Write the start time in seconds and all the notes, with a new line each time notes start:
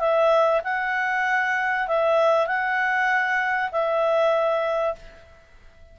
0.00 E5
0.65 F#5
1.88 E5
2.47 F#5
3.72 E5